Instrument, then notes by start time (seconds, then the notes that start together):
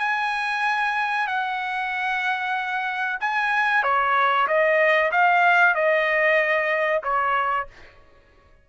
trumpet
0.00 G#5
1.27 F#5
3.21 G#5
3.84 C#5
4.48 D#5
5.12 F5
5.75 D#5
7.03 C#5